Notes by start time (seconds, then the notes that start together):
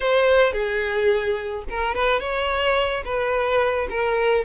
0.00 C5
0.52 G#4
1.69 A#4
1.94 B4
2.20 C#5
3.04 B4
3.90 A#4